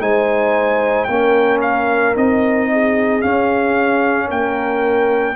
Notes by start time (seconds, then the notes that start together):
0.00 G#3 D#4 C5 G#5
1.04 A#3 G5
1.10 C#4 A#4
1.61 F5
2.15 C4 D#4 D#5
2.72 G#4
3.21 C#4 F5
4.27 A#3 A#4 G5